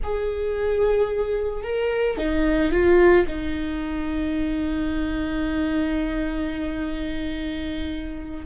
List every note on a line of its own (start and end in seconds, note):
0.03 1.63 G#4
1.63 2.17 A#4
2.17 2.71 D#4
2.71 3.26 F4
3.27 8.45 D#4